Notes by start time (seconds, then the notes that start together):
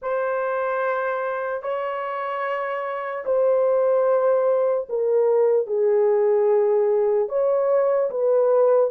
0.02 C5
1.62 C#5
3.25 C5
4.89 A#4
5.66 G#4
7.28 C#5
8.10 B4